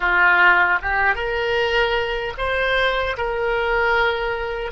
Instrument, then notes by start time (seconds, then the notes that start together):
oboe
0.00 F4
0.81 G4
1.15 A#4
2.37 C5
3.17 A#4